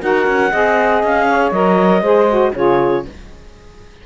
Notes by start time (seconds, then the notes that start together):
0.00 D#4 F#4 A#4 F#5
0.27 C#4
0.51 C4 G#4 D#5
1.03 C#4 F5
1.28 C#5
1.51 F#3 A#4 D#5
2.01 G#3 G#4 C5
2.29 F#4
2.55 C#3 F4 G#4 C#5